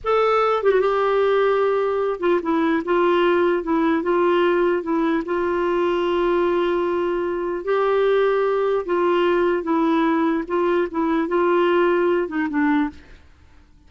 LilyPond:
\new Staff \with { instrumentName = "clarinet" } { \time 4/4 \tempo 4 = 149 a'4. g'16 fis'16 g'2~ | g'4. f'8 e'4 f'4~ | f'4 e'4 f'2 | e'4 f'2.~ |
f'2. g'4~ | g'2 f'2 | e'2 f'4 e'4 | f'2~ f'8 dis'8 d'4 | }